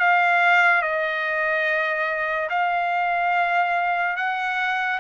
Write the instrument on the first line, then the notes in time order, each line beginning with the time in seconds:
trumpet
0.00 F5
0.82 D#5
2.50 F5
4.17 F#5